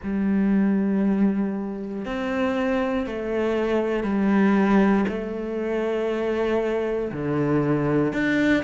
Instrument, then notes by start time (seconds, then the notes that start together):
cello
0.03 G3
2.05 C4
3.06 A3
4.03 G3
5.08 A3
7.11 D3
8.13 D4